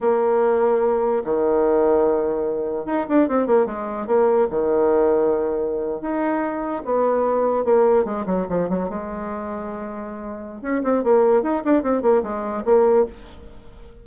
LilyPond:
\new Staff \with { instrumentName = "bassoon" } { \time 4/4 \tempo 4 = 147 ais2. dis4~ | dis2. dis'8 d'8 | c'8 ais8 gis4 ais4 dis4~ | dis2~ dis8. dis'4~ dis'16~ |
dis'8. b2 ais4 gis16~ | gis16 fis8 f8 fis8 gis2~ gis16~ | gis2 cis'8 c'8 ais4 | dis'8 d'8 c'8 ais8 gis4 ais4 | }